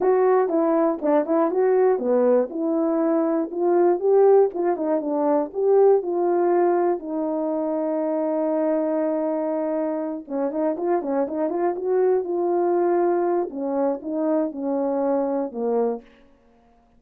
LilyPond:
\new Staff \with { instrumentName = "horn" } { \time 4/4 \tempo 4 = 120 fis'4 e'4 d'8 e'8 fis'4 | b4 e'2 f'4 | g'4 f'8 dis'8 d'4 g'4 | f'2 dis'2~ |
dis'1~ | dis'8 cis'8 dis'8 f'8 cis'8 dis'8 f'8 fis'8~ | fis'8 f'2~ f'8 cis'4 | dis'4 cis'2 ais4 | }